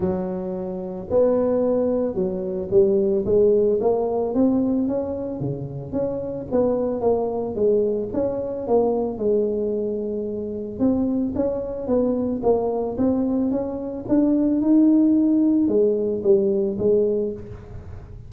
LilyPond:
\new Staff \with { instrumentName = "tuba" } { \time 4/4 \tempo 4 = 111 fis2 b2 | fis4 g4 gis4 ais4 | c'4 cis'4 cis4 cis'4 | b4 ais4 gis4 cis'4 |
ais4 gis2. | c'4 cis'4 b4 ais4 | c'4 cis'4 d'4 dis'4~ | dis'4 gis4 g4 gis4 | }